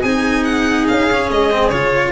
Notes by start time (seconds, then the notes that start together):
0.00 C4 D#4 G#4 G#5
0.44 F#5
0.88 C#4 F5
1.12 C#4
1.30 G#3 D#5
1.51 C4
1.69 C#3 F4 C#5